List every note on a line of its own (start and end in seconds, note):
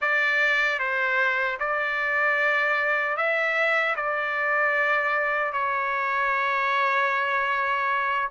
0.01 0.79 D5
0.79 1.58 C5
1.59 3.17 D5
3.17 3.95 E5
3.95 5.53 D5
5.53 8.29 C#5